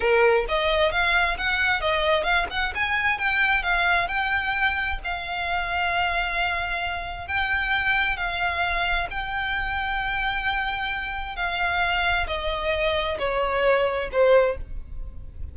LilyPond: \new Staff \with { instrumentName = "violin" } { \time 4/4 \tempo 4 = 132 ais'4 dis''4 f''4 fis''4 | dis''4 f''8 fis''8 gis''4 g''4 | f''4 g''2 f''4~ | f''1 |
g''2 f''2 | g''1~ | g''4 f''2 dis''4~ | dis''4 cis''2 c''4 | }